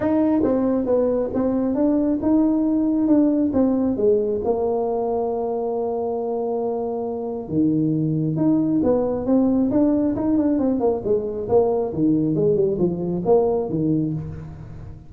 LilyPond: \new Staff \with { instrumentName = "tuba" } { \time 4/4 \tempo 4 = 136 dis'4 c'4 b4 c'4 | d'4 dis'2 d'4 | c'4 gis4 ais2~ | ais1~ |
ais4 dis2 dis'4 | b4 c'4 d'4 dis'8 d'8 | c'8 ais8 gis4 ais4 dis4 | gis8 g8 f4 ais4 dis4 | }